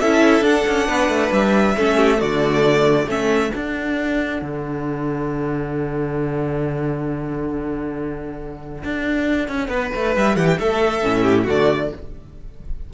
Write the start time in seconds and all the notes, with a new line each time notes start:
0.00 C#4 E4 A4 E5
0.41 D4 F#5
0.67 C#4
0.87 B3 B4
1.08 A3
1.32 G3 E5
1.77 A3 C#4 A4
1.97 G4
2.18 D3 A3 F#4 D5
3.07 A3 C#4 A4 E5
3.51 D4 F#5
4.42 D3
8.84 D4
9.48 C#4
9.68 B3 B4
9.95 A3
10.16 G3 E5
10.35 E3 G4 F#5
10.47 G5
10.60 A3 A4 E5
11.03 A2 C#4
11.22 G4
11.44 D3 A3 F#4 D5